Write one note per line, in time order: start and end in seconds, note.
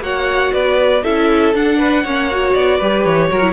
0.00 0.50 A#3
0.00 1.02 F#4
0.00 0.53 C#5
0.00 0.53 F#5
0.53 1.03 B3
0.53 1.03 B4
0.53 1.04 D5
1.03 1.54 C#4
1.03 1.54 E4
1.03 1.78 A4
1.03 1.54 E5
1.54 2.04 D4
1.54 2.05 D4
1.54 2.54 F#5
1.78 2.03 B4
2.03 2.54 A#3
2.03 2.31 C#4
2.03 2.77 C#5
2.31 2.81 F#4
2.54 2.80 B3
2.54 3.04 D5
2.77 3.05 G3
2.77 3.30 G4
2.77 3.27 B4
3.04 3.30 E3
3.04 3.53 C#5
3.30 3.53 F#3
3.30 3.41 F#4
3.30 3.53 A#4
3.41 3.53 E4